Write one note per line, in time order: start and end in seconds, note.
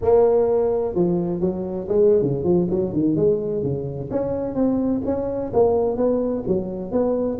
0.01 0.94 A#3
0.94 1.40 F3
1.40 1.87 F#3
1.88 2.22 G#3
2.22 2.44 C#3
2.44 2.67 F3
2.70 2.93 F#3
2.93 3.15 D#3
3.15 3.62 G#3
3.62 4.09 C#3
4.10 4.54 C#4
4.54 5.01 C4
5.05 5.52 C#4
5.53 5.97 A#3
5.97 6.43 B3
6.47 6.91 F#3
6.91 7.38 B3